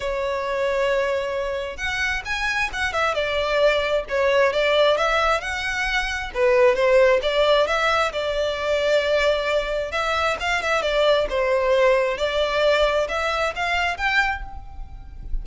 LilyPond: \new Staff \with { instrumentName = "violin" } { \time 4/4 \tempo 4 = 133 cis''1 | fis''4 gis''4 fis''8 e''8 d''4~ | d''4 cis''4 d''4 e''4 | fis''2 b'4 c''4 |
d''4 e''4 d''2~ | d''2 e''4 f''8 e''8 | d''4 c''2 d''4~ | d''4 e''4 f''4 g''4 | }